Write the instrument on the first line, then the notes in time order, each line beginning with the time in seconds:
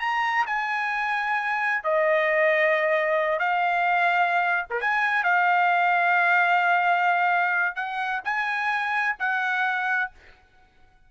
trumpet
0.00 A#5
0.47 G#5
1.84 D#5
3.40 F5
4.70 A#4
4.81 G#5
5.24 F5
7.76 F#5
8.25 G#5
9.20 F#5